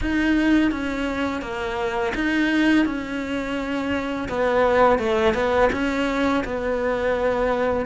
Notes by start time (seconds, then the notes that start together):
0.01 D#4
0.71 C#4
1.41 A#3
2.15 D#4
2.85 C#4
4.29 B3
4.98 A3
5.34 B3
5.72 C#4
6.44 B3